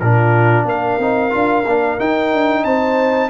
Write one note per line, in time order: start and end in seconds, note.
0.00 0.65 A#2
0.00 1.01 D4
0.00 0.66 F4
0.00 0.66 A#4
0.65 0.98 A#3
0.65 2.64 A#4
0.65 2.00 F5
0.99 1.32 C4
0.99 1.31 D#4
1.31 1.66 D4
1.31 1.64 F4
1.66 1.99 A#3
1.66 1.99 D4
1.99 3.30 D#4
1.99 2.33 D#4
1.99 2.64 G5
2.33 2.64 D4
2.64 3.30 C4
2.64 3.30 C5
2.64 3.30 A5